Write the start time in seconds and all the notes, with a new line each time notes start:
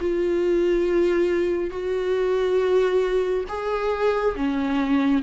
0.00 F4
1.70 F#4
3.48 G#4
4.35 C#4